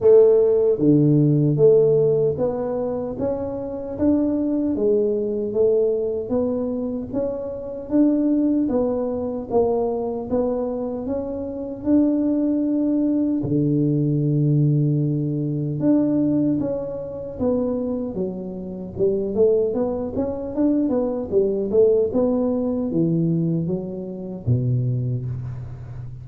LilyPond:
\new Staff \with { instrumentName = "tuba" } { \time 4/4 \tempo 4 = 76 a4 d4 a4 b4 | cis'4 d'4 gis4 a4 | b4 cis'4 d'4 b4 | ais4 b4 cis'4 d'4~ |
d'4 d2. | d'4 cis'4 b4 fis4 | g8 a8 b8 cis'8 d'8 b8 g8 a8 | b4 e4 fis4 b,4 | }